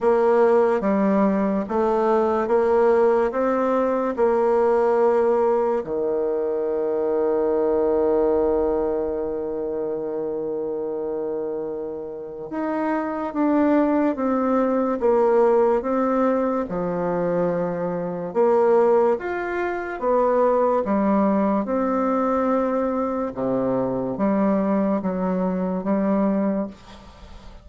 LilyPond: \new Staff \with { instrumentName = "bassoon" } { \time 4/4 \tempo 4 = 72 ais4 g4 a4 ais4 | c'4 ais2 dis4~ | dis1~ | dis2. dis'4 |
d'4 c'4 ais4 c'4 | f2 ais4 f'4 | b4 g4 c'2 | c4 g4 fis4 g4 | }